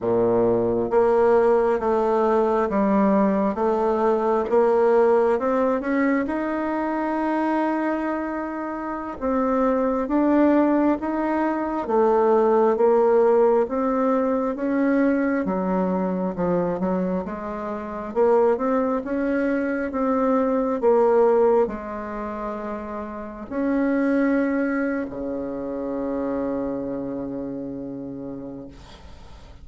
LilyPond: \new Staff \with { instrumentName = "bassoon" } { \time 4/4 \tempo 4 = 67 ais,4 ais4 a4 g4 | a4 ais4 c'8 cis'8 dis'4~ | dis'2~ dis'16 c'4 d'8.~ | d'16 dis'4 a4 ais4 c'8.~ |
c'16 cis'4 fis4 f8 fis8 gis8.~ | gis16 ais8 c'8 cis'4 c'4 ais8.~ | ais16 gis2 cis'4.~ cis'16 | cis1 | }